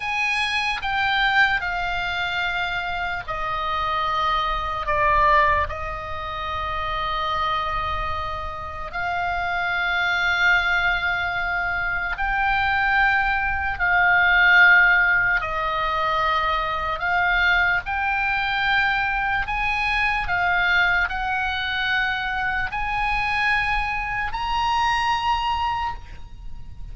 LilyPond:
\new Staff \with { instrumentName = "oboe" } { \time 4/4 \tempo 4 = 74 gis''4 g''4 f''2 | dis''2 d''4 dis''4~ | dis''2. f''4~ | f''2. g''4~ |
g''4 f''2 dis''4~ | dis''4 f''4 g''2 | gis''4 f''4 fis''2 | gis''2 ais''2 | }